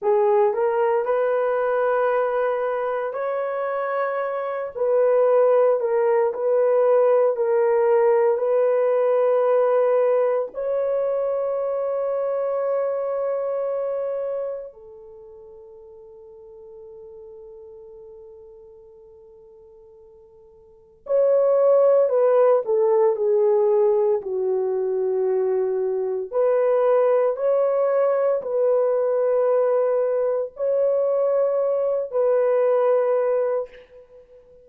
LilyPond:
\new Staff \with { instrumentName = "horn" } { \time 4/4 \tempo 4 = 57 gis'8 ais'8 b'2 cis''4~ | cis''8 b'4 ais'8 b'4 ais'4 | b'2 cis''2~ | cis''2 a'2~ |
a'1 | cis''4 b'8 a'8 gis'4 fis'4~ | fis'4 b'4 cis''4 b'4~ | b'4 cis''4. b'4. | }